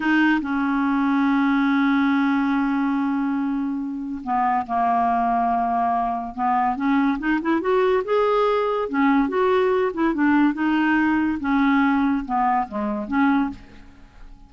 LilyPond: \new Staff \with { instrumentName = "clarinet" } { \time 4/4 \tempo 4 = 142 dis'4 cis'2.~ | cis'1~ | cis'2 b4 ais4~ | ais2. b4 |
cis'4 dis'8 e'8 fis'4 gis'4~ | gis'4 cis'4 fis'4. e'8 | d'4 dis'2 cis'4~ | cis'4 b4 gis4 cis'4 | }